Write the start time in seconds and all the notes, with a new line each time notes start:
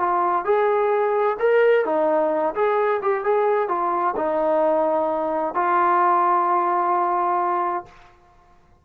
0.00 F4
0.45 G#4
1.40 A#4
1.86 D#4
2.55 G#4
3.02 G4
3.24 G#4
3.69 F4
4.17 D#4
5.55 F4